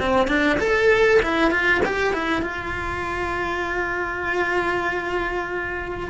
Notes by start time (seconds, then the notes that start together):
0.00 C4
0.28 D4
0.60 A4
1.23 E4
1.51 F4
1.85 G4
2.13 E4
2.42 F4